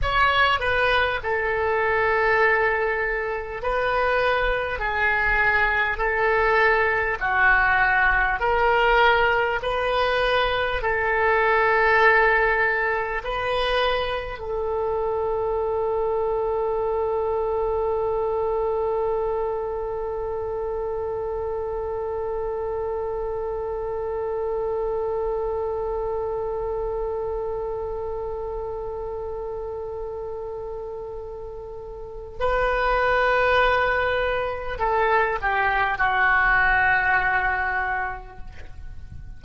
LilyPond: \new Staff \with { instrumentName = "oboe" } { \time 4/4 \tempo 4 = 50 cis''8 b'8 a'2 b'4 | gis'4 a'4 fis'4 ais'4 | b'4 a'2 b'4 | a'1~ |
a'1~ | a'1~ | a'2. b'4~ | b'4 a'8 g'8 fis'2 | }